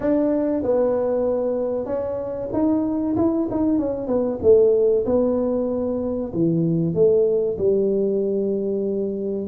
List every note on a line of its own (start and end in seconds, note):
0.00 0.62 D4
0.62 1.85 B3
1.85 2.48 C#4
2.52 3.16 D#4
3.16 3.47 E4
3.51 3.78 D#4
3.78 4.07 C#4
4.07 4.39 B3
4.42 5.05 A3
5.05 6.32 B3
6.33 6.94 E3
6.94 7.57 A3
7.58 9.47 G3